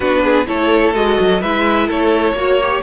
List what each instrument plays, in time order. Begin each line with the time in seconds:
0.00 cello B3, viola D4, violin F#4 B4
0.23 violin G#4
0.46 cello A3, viola E4, violin A4 C#5
0.94 cello G#3, viola F#4, violin D#5
1.20 cello F#3
1.41 cello G#3, viola E4, violin B4 E5
1.87 cello A3, violin A4 C#5
2.32 cello A#3, viola F#4, violin C#5
2.61 viola G4